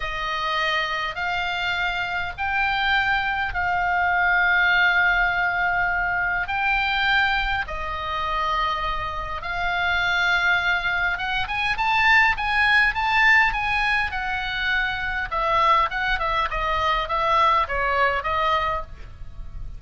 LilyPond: \new Staff \with { instrumentName = "oboe" } { \time 4/4 \tempo 4 = 102 dis''2 f''2 | g''2 f''2~ | f''2. g''4~ | g''4 dis''2. |
f''2. fis''8 gis''8 | a''4 gis''4 a''4 gis''4 | fis''2 e''4 fis''8 e''8 | dis''4 e''4 cis''4 dis''4 | }